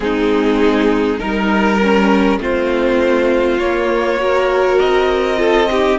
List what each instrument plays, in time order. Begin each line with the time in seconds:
0.00 cello G#3, viola C4, violin D#4 G#4
1.18 cello G3, viola D#4, violin A#4
1.82 viola C#4
2.38 cello A3, viola C4, violin F4 C5
3.58 cello A#3, viola A#3, violin C#5
4.18 viola F#4, violin A#4
4.78 cello C4, violin D#5
5.36 viola F4, violin A4
5.70 viola D#4, violin G4